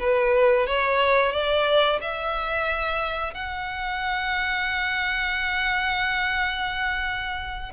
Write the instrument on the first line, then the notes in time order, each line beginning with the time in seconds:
violin
0.00 B4
0.67 C#5
1.32 D5
2.01 E5
3.34 F#5